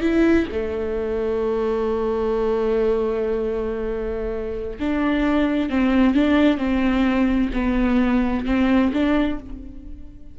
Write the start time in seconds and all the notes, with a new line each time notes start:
0.00 E4
0.51 A3
4.79 D4
5.69 C4
6.14 D4
6.57 C4
7.53 B3
8.45 C4
8.93 D4